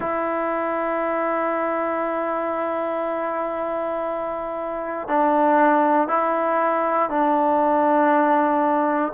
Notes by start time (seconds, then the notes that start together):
0.00 E4
5.08 D4
6.07 E4
7.09 D4